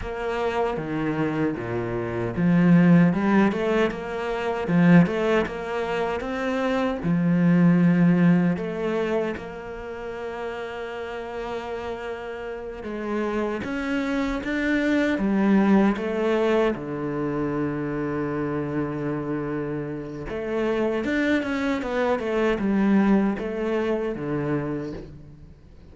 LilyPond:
\new Staff \with { instrumentName = "cello" } { \time 4/4 \tempo 4 = 77 ais4 dis4 ais,4 f4 | g8 a8 ais4 f8 a8 ais4 | c'4 f2 a4 | ais1~ |
ais8 gis4 cis'4 d'4 g8~ | g8 a4 d2~ d8~ | d2 a4 d'8 cis'8 | b8 a8 g4 a4 d4 | }